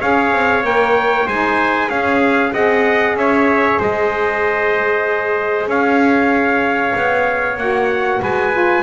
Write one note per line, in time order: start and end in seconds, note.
0.00 0.32 C#4
0.00 0.63 G#4
0.00 1.26 C#5
0.00 0.64 F5
0.32 0.63 C4
0.63 1.27 A#3
0.63 1.26 A#4
0.63 1.28 G5
1.27 1.89 G#3
1.27 1.90 D#4
1.27 1.88 C5
1.27 1.89 G#5
1.88 2.52 C#4
1.88 2.51 C#4
1.88 2.51 G#4
1.88 2.53 F5
2.51 3.15 C4
2.51 7.56 G#4
2.51 3.16 D#5
2.51 3.17 F#5
3.15 3.78 C#4
3.15 3.79 C#5
3.15 3.80 E5
3.79 5.66 G#3
3.79 5.68 C5
3.79 5.69 D#5
5.66 6.93 C#4
5.66 8.21 C#5
5.66 7.58 F5
6.96 7.57 B3
7.57 8.21 A#3
7.57 8.52 F#4
7.57 8.21 F#5
8.22 8.83 G#3
8.22 8.83 B4
8.22 8.83 G#5
8.52 8.83 F4